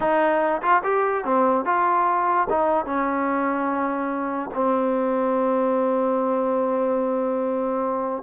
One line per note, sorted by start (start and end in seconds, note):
0.00 0.61 D#4
0.62 0.82 F4
0.83 1.24 G4
1.24 1.65 C4
1.65 2.47 F4
2.49 2.85 D#4
2.85 4.50 C#4
4.54 8.22 C4